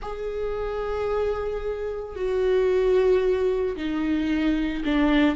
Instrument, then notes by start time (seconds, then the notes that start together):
viola
0.01 G#4
2.15 F#4
3.76 D#4
4.85 D4